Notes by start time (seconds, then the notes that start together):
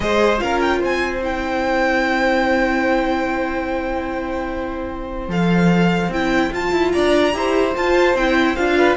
0.00 G#3 G#4 C5 D#5
0.38 C#4 F4 A#4 F5
0.61 G5
0.79 C4 C5 G#5
1.22 E4 G5
5.28 F3 A4 F5
6.08 C4 E4 G5
6.51 F4 A5
6.72 E4
6.91 D4 D5 A#5
7.32 E4 G4 C5
7.75 F4 A5
8.14 C4 E4 G5
8.56 D4 F4 F5
8.77 B4